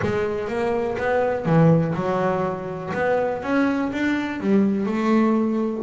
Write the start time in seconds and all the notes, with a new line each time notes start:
0.02 G#3
0.48 A#3
0.98 B3
1.45 E3
1.94 F#3
2.94 B3
3.43 C#4
3.92 D4
4.40 G3
4.85 A3